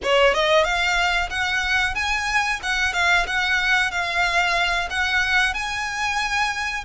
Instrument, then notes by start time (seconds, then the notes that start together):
violin
0.03 C#5
0.34 D#5
0.63 F5
1.30 F#5
1.94 G#5
2.62 F#5
2.93 F5
3.26 F#5
3.91 F5
4.90 F#5
5.54 G#5